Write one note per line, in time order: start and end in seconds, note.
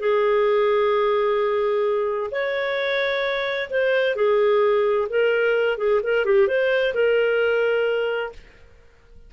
0.00 2.31 G#4
2.32 3.70 C#5
3.70 4.16 C5
4.16 5.08 G#4
5.10 5.78 A#4
5.78 6.01 G#4
6.04 6.25 A#4
6.25 6.48 G4
6.48 6.94 C5
6.94 8.33 A#4